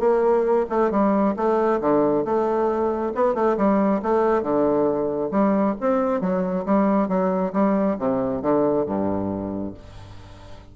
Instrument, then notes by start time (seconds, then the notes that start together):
bassoon
0.00 A#3
0.70 A3
0.91 G3
1.36 A3
1.81 D3
2.25 A3
3.15 B3
3.34 A3
3.57 G3
4.02 A3
4.43 D3
5.31 G3
5.81 C4
6.21 F#3
6.66 G3
7.09 F#3
7.53 G3
7.99 C3
8.42 D3
8.86 G2